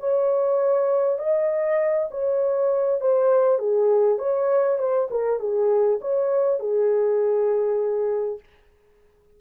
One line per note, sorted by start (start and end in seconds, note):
0.00 1.19 C#5
1.19 2.09 D#5
2.11 3.01 C#5
3.01 3.59 C5
3.59 4.19 G#4
4.19 4.78 C#5
4.78 5.08 C5
5.11 5.39 A#4
5.39 5.99 G#4
6.01 6.59 C#5
6.59 8.39 G#4